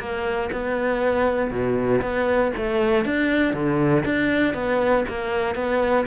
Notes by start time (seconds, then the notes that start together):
0.00 A#3
0.52 B3
1.51 B2
2.02 B3
2.57 A3
3.06 D4
3.54 D3
4.05 D4
4.54 B3
5.09 A#3
5.56 B3